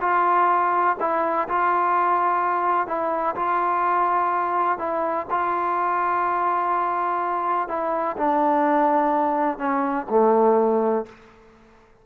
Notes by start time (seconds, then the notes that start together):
0.00 F4
0.99 E4
1.48 F4
2.87 E4
3.35 F4
4.78 E4
5.30 F4
7.68 E4
8.17 D4
9.58 C#4
10.09 A3